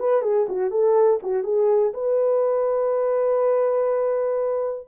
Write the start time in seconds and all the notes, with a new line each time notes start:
0.00 B4
0.22 G#4
0.49 F#4
0.71 A4
1.23 F#4
1.44 G#4
1.94 B4